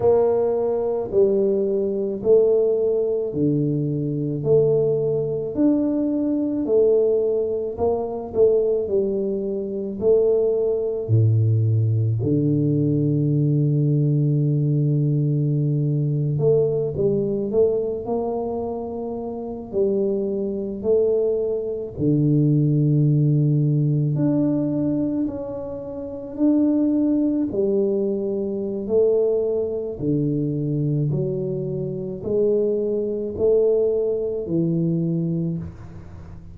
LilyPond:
\new Staff \with { instrumentName = "tuba" } { \time 4/4 \tempo 4 = 54 ais4 g4 a4 d4 | a4 d'4 a4 ais8 a8 | g4 a4 a,4 d4~ | d2~ d8. a8 g8 a16~ |
a16 ais4. g4 a4 d16~ | d4.~ d16 d'4 cis'4 d'16~ | d'8. g4~ g16 a4 d4 | fis4 gis4 a4 e4 | }